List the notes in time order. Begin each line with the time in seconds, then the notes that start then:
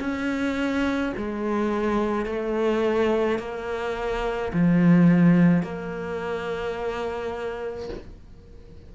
0.00 C#4
1.17 G#3
2.26 A3
3.39 A#3
4.54 F3
5.63 A#3